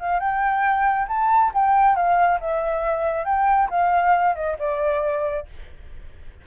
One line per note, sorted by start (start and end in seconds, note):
0.00 0.20 F5
0.20 1.08 G5
1.08 1.52 A5
1.54 1.96 G5
1.96 2.40 F5
2.40 3.25 E5
3.25 3.69 G5
3.70 4.36 F5
4.36 4.57 D#5
4.59 5.47 D5